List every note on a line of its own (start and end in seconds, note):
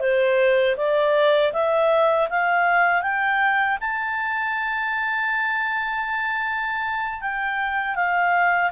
0.00 0.76 C5
0.77 1.53 D5
1.53 2.29 E5
2.30 3.02 F5
3.02 3.78 G5
3.81 7.22 A5
7.22 7.95 G5
7.95 8.71 F5